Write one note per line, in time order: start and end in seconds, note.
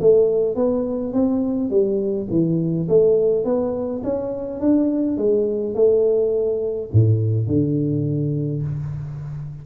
0.00 0.55 A3
0.55 1.12 B3
1.12 1.70 C4
1.70 2.28 G3
2.30 2.87 E3
2.88 3.44 A3
3.44 4.02 B3
4.03 4.60 C#4
4.60 5.17 D4
5.17 5.75 G#3
5.75 6.90 A3
6.92 7.47 A2
7.47 8.62 D3